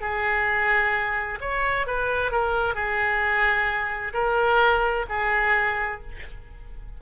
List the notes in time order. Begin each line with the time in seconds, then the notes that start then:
0.00 G#4
1.40 C#5
1.86 B4
2.31 A#4
2.74 G#4
4.13 A#4
5.09 G#4